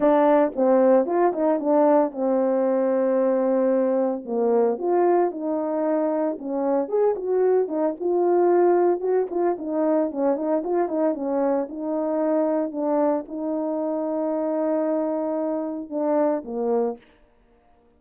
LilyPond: \new Staff \with { instrumentName = "horn" } { \time 4/4 \tempo 4 = 113 d'4 c'4 f'8 dis'8 d'4 | c'1 | ais4 f'4 dis'2 | cis'4 gis'8 fis'4 dis'8 f'4~ |
f'4 fis'8 f'8 dis'4 cis'8 dis'8 | f'8 dis'8 cis'4 dis'2 | d'4 dis'2.~ | dis'2 d'4 ais4 | }